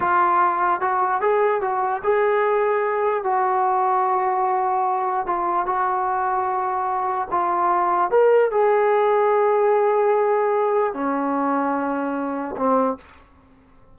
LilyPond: \new Staff \with { instrumentName = "trombone" } { \time 4/4 \tempo 4 = 148 f'2 fis'4 gis'4 | fis'4 gis'2. | fis'1~ | fis'4 f'4 fis'2~ |
fis'2 f'2 | ais'4 gis'2.~ | gis'2. cis'4~ | cis'2. c'4 | }